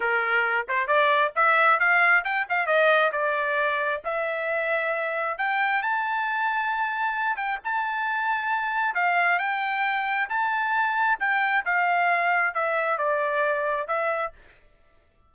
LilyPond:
\new Staff \with { instrumentName = "trumpet" } { \time 4/4 \tempo 4 = 134 ais'4. c''8 d''4 e''4 | f''4 g''8 f''8 dis''4 d''4~ | d''4 e''2. | g''4 a''2.~ |
a''8 g''8 a''2. | f''4 g''2 a''4~ | a''4 g''4 f''2 | e''4 d''2 e''4 | }